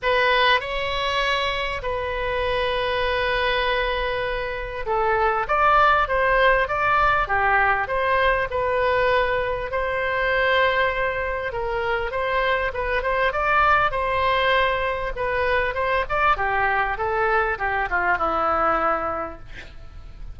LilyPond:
\new Staff \with { instrumentName = "oboe" } { \time 4/4 \tempo 4 = 99 b'4 cis''2 b'4~ | b'1 | a'4 d''4 c''4 d''4 | g'4 c''4 b'2 |
c''2. ais'4 | c''4 b'8 c''8 d''4 c''4~ | c''4 b'4 c''8 d''8 g'4 | a'4 g'8 f'8 e'2 | }